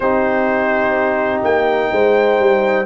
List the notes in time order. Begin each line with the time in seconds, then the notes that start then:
0.00 C4 D#4 G4 C5
1.43 A#3 G5
1.91 G#3 C5
2.39 G3